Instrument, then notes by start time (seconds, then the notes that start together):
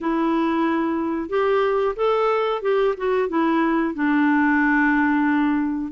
clarinet
0.01 E4
1.29 G4
1.96 A4
2.61 G4
2.97 F#4
3.28 E4
3.94 D4